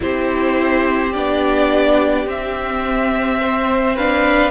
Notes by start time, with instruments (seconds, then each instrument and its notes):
0.00 cello C4, viola E4, violin G4 C5
1.13 cello B3, viola D4, violin D5
2.26 cello C4, viola C4, violin E5
3.41 violin C5
3.96 viola D4, violin B4 F5